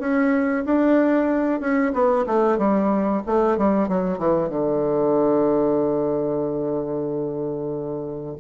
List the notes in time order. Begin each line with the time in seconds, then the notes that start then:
0.00 C#4
0.65 D4
1.60 C#4
1.93 B3
2.27 A3
2.58 G3
3.26 A3
3.58 G3
3.89 F#3
4.18 E3
4.49 D3